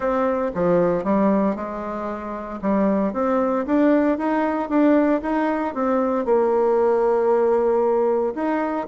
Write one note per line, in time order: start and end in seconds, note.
0.00 0.51 C4
0.54 1.04 F3
1.04 1.55 G3
1.55 2.60 G#3
2.61 3.13 G3
3.13 3.65 C4
3.66 4.17 D4
4.17 4.69 D#4
4.69 5.21 D4
5.22 5.74 D#4
5.74 6.25 C4
6.25 8.33 A#3
8.34 8.86 D#4